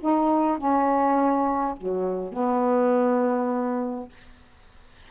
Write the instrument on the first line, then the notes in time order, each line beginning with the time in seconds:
saxophone
0.00 D#4
0.57 C#4
1.76 F#3
2.32 B3